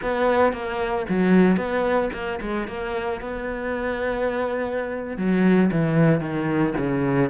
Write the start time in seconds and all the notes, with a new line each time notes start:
0.01 B3
0.52 A#3
1.09 F#3
1.57 B3
2.13 A#3
2.41 G#3
2.67 A#3
3.20 B3
5.17 F#3
5.71 E3
6.20 D#3
6.77 C#3